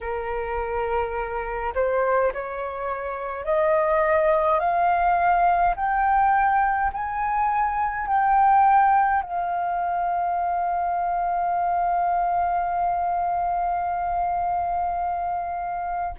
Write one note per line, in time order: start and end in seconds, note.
0.00 1.73 A#4
1.74 2.32 C5
2.33 3.45 C#5
3.45 4.59 D#5
4.59 5.74 F5
5.76 6.91 G5
6.93 8.07 G#5
8.07 9.22 G5
9.22 16.14 F5